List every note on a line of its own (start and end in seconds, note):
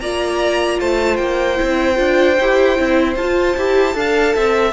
0.00 0.79 A#3
0.00 1.56 F4
0.00 0.80 D5
0.00 0.79 A#5
0.80 1.19 A3
0.80 3.95 C5
0.80 1.16 A5
1.16 1.59 A#3
1.16 3.14 G5
1.56 1.99 C4
1.56 1.95 E4
1.95 2.38 D4
1.95 2.35 F4
2.40 2.78 E4
2.40 2.76 G4
2.76 3.16 C4
2.76 3.16 E4
3.16 3.55 F4
3.16 3.57 F4
3.16 4.73 A5
3.57 3.95 E4
3.57 3.93 G4
3.93 4.34 D4
3.93 4.72 A4
3.93 4.35 F5
4.35 4.73 C4
4.35 4.73 E5